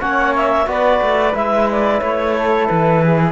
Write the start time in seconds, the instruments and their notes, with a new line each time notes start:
0.00 cello A#3, trombone C#4, flute C#5, clarinet F#5
0.36 clarinet E5
0.66 cello B3, trombone F#4, flute B4, clarinet D5
1.02 cello A3
1.34 cello G#3, trombone E4, clarinet E5
1.71 clarinet D5
2.01 cello A3, clarinet C#5
2.37 flute A4
2.67 cello E3, clarinet B4
3.04 flute G#4